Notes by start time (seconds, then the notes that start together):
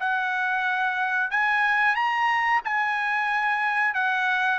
0.00 F#5
1.31 G#5
1.95 A#5
2.65 G#5
3.94 F#5